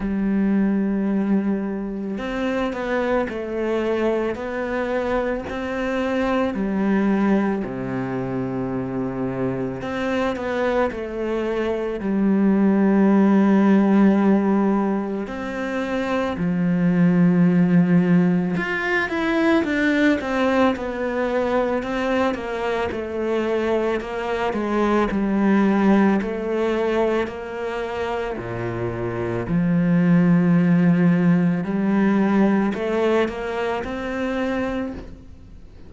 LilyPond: \new Staff \with { instrumentName = "cello" } { \time 4/4 \tempo 4 = 55 g2 c'8 b8 a4 | b4 c'4 g4 c4~ | c4 c'8 b8 a4 g4~ | g2 c'4 f4~ |
f4 f'8 e'8 d'8 c'8 b4 | c'8 ais8 a4 ais8 gis8 g4 | a4 ais4 ais,4 f4~ | f4 g4 a8 ais8 c'4 | }